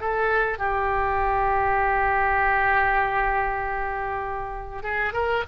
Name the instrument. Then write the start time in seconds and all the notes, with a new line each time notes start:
oboe
0.00 A4
0.58 G4
4.82 G#4
5.13 A#4